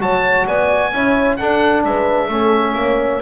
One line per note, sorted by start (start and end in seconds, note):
0.00 0.46 F#3
0.00 0.92 F#4
0.00 0.47 C#5
0.00 0.47 A5
0.47 0.93 B3
0.47 0.93 D5
0.47 1.37 G#5
0.93 1.39 C#4
0.93 1.39 E4
0.93 1.40 C#5
1.37 2.30 D4
1.37 1.85 D4
1.37 1.86 A4
1.37 1.83 F#5
1.85 2.28 G#3
1.85 2.30 B4
1.85 3.22 E5
2.28 2.75 A3
2.28 3.22 C#4
2.28 2.76 A4
2.75 3.21 A#3
2.75 3.22 C#5